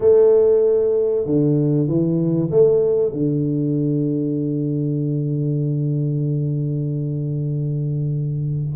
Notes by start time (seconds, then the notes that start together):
0.00 A3
1.25 D3
1.87 E3
2.51 A3
3.12 D3